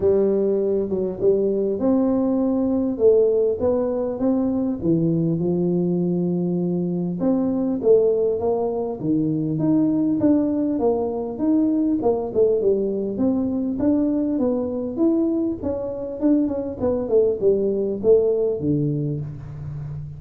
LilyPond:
\new Staff \with { instrumentName = "tuba" } { \time 4/4 \tempo 4 = 100 g4. fis8 g4 c'4~ | c'4 a4 b4 c'4 | e4 f2. | c'4 a4 ais4 dis4 |
dis'4 d'4 ais4 dis'4 | ais8 a8 g4 c'4 d'4 | b4 e'4 cis'4 d'8 cis'8 | b8 a8 g4 a4 d4 | }